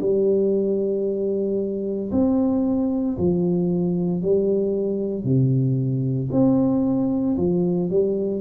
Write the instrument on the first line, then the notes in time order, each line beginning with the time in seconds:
tuba
0.00 G3
2.11 C4
3.18 F3
4.22 G3
5.23 C3
6.32 C4
7.37 F3
7.90 G3